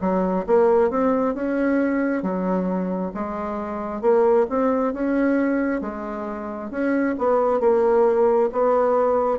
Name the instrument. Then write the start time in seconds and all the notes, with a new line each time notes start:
bassoon
0.00 F#3
0.46 A#3
0.90 C4
1.34 C#4
2.22 F#3
3.13 G#3
4.01 A#3
4.49 C4
4.93 C#4
5.81 G#3
6.70 C#4
7.18 B3
7.60 A#3
8.52 B3